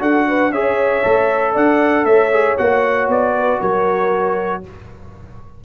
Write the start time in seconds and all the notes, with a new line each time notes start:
0.00 D4 F#4 A4 F#5
0.28 B4
0.50 C#4 G#4 C#5 E5
1.03 A3 A4
1.53 D4 D5 F#5
2.04 A3 C#5 E5
2.32 G#4
2.58 A#3 F#4 F#5
3.08 B3 D5
3.37 B4
3.60 F#3 A#4 C#5